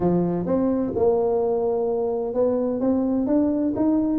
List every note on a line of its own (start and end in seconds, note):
0.00 0.46 F3
0.46 0.92 C4
0.95 2.34 A#3
2.34 2.80 B3
2.80 3.26 C4
3.26 3.73 D4
3.76 4.19 D#4